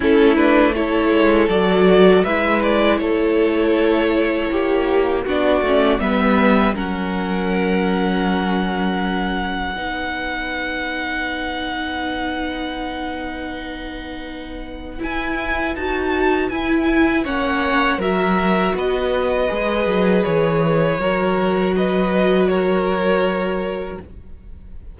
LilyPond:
<<
  \new Staff \with { instrumentName = "violin" } { \time 4/4 \tempo 4 = 80 a'8 b'8 cis''4 d''4 e''8 d''8 | cis''2. d''4 | e''4 fis''2.~ | fis''1~ |
fis''1 | gis''4 a''4 gis''4 fis''4 | e''4 dis''2 cis''4~ | cis''4 dis''4 cis''2 | }
  \new Staff \with { instrumentName = "violin" } { \time 4/4 e'4 a'2 b'4 | a'2 g'4 fis'4 | b'4 ais'2.~ | ais'4 b'2.~ |
b'1~ | b'2. cis''4 | ais'4 b'2. | ais'4 b'4 ais'2 | }
  \new Staff \with { instrumentName = "viola" } { \time 4/4 cis'8 d'8 e'4 fis'4 e'4~ | e'2. d'8 cis'8 | b4 cis'2.~ | cis'4 dis'2.~ |
dis'1 | e'4 fis'4 e'4 cis'4 | fis'2 gis'2 | fis'1 | }
  \new Staff \with { instrumentName = "cello" } { \time 4/4 a4. gis8 fis4 gis4 | a2 ais4 b8 a8 | g4 fis2.~ | fis4 b2.~ |
b1 | e'4 dis'4 e'4 ais4 | fis4 b4 gis8 fis8 e4 | fis1 | }
>>